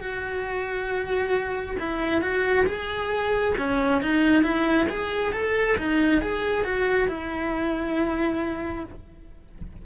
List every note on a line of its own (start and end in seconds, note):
0.00 1.76 F#4
1.79 2.21 E4
2.21 2.65 F#4
2.66 3.55 G#4
3.58 4.02 C#4
4.02 4.43 D#4
4.43 4.87 E4
4.89 5.32 G#4
5.32 5.76 A4
5.77 6.21 D#4
6.21 6.64 G#4
6.64 7.08 F#4
7.08 8.84 E4